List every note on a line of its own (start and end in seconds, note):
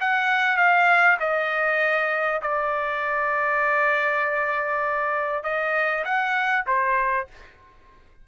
0.00 0.57 F#5
0.57 1.17 F5
1.20 2.41 D#5
2.42 5.43 D5
5.43 6.04 D#5
6.04 6.65 F#5
6.66 7.27 C5